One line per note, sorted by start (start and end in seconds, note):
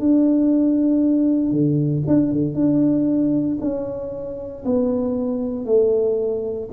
0.00 1.52 D4
1.52 2.04 D3
2.07 2.32 D4
2.32 2.55 D3
2.55 3.58 D4
3.61 4.65 C#4
4.66 5.66 B3
5.66 6.69 A3